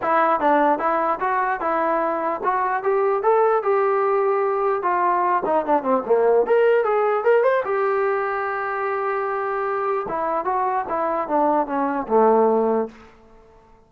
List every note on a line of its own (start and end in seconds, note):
0.01 0.40 E4
0.40 0.79 D4
0.79 1.19 E4
1.20 1.60 F#4
1.60 2.41 E4
2.43 2.83 F#4
2.83 3.22 G4
3.22 3.63 A4
3.63 4.82 G4
4.82 5.43 F4
5.45 5.65 D#4
5.65 5.82 D4
5.82 6.02 C4
6.05 6.46 A#3
6.46 6.84 A#4
6.84 7.24 G#4
7.24 7.43 A#4
7.43 7.63 C5
7.64 10.06 G4
10.08 10.44 E4
10.44 10.85 F#4
10.89 11.28 E4
11.28 11.66 D4
11.66 12.06 C#4
12.07 12.88 A3